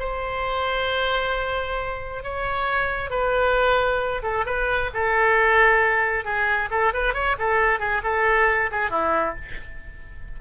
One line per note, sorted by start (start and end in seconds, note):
0.00 2.24 C5
2.24 3.11 C#5
3.11 4.23 B4
4.23 4.46 A4
4.46 4.91 B4
4.94 6.25 A4
6.25 6.70 G#4
6.71 6.93 A4
6.94 7.14 B4
7.14 7.37 C#5
7.39 7.80 A4
7.80 8.02 G#4
8.04 8.71 A4
8.72 8.91 G#4
8.91 9.35 E4